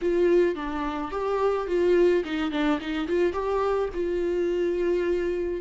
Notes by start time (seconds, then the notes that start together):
0.01 F4
0.55 D4
1.11 G4
1.67 F4
2.24 D#4
2.51 D4
2.80 D#4
3.07 F4
3.32 G4
3.94 F4